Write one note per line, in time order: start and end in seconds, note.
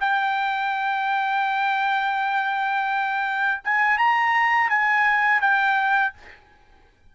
0.00 3.61 G5
3.64 3.98 G#5
3.98 4.69 A#5
4.69 5.41 G#5
5.41 6.13 G5